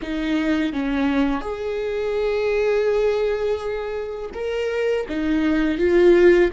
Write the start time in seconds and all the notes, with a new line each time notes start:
0.02 D#4
0.72 C#4
1.41 G#4
4.34 A#4
5.08 D#4
5.78 F4